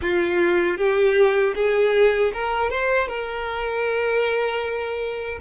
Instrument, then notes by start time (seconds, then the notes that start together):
violin
0.01 F4
0.77 G4
1.55 G#4
2.33 A#4
2.70 C5
3.08 A#4